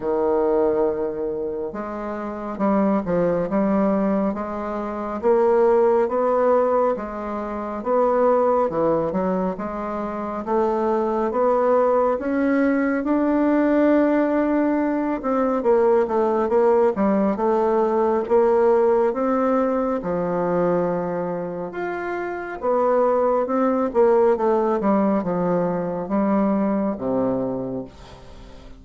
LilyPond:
\new Staff \with { instrumentName = "bassoon" } { \time 4/4 \tempo 4 = 69 dis2 gis4 g8 f8 | g4 gis4 ais4 b4 | gis4 b4 e8 fis8 gis4 | a4 b4 cis'4 d'4~ |
d'4. c'8 ais8 a8 ais8 g8 | a4 ais4 c'4 f4~ | f4 f'4 b4 c'8 ais8 | a8 g8 f4 g4 c4 | }